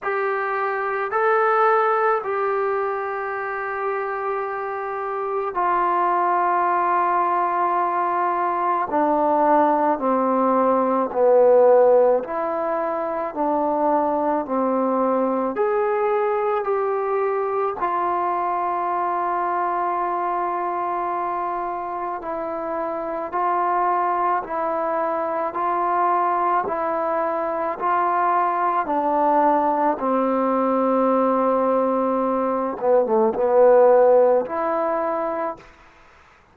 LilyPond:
\new Staff \with { instrumentName = "trombone" } { \time 4/4 \tempo 4 = 54 g'4 a'4 g'2~ | g'4 f'2. | d'4 c'4 b4 e'4 | d'4 c'4 gis'4 g'4 |
f'1 | e'4 f'4 e'4 f'4 | e'4 f'4 d'4 c'4~ | c'4. b16 a16 b4 e'4 | }